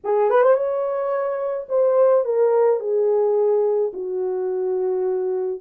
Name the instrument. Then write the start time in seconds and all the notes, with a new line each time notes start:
horn
0.04 G#4
0.30 B4
0.42 C5
0.55 C#5
1.68 C5
2.25 A#4
2.79 G#4
3.93 F#4